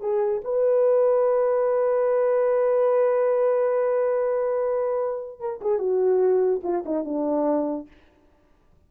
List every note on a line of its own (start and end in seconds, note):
0.00 0.41 G#4
0.44 5.39 B4
5.39 5.60 A#4
5.61 5.78 G#4
5.78 6.61 F#4
6.63 6.84 F4
6.85 7.05 D#4
7.05 7.87 D4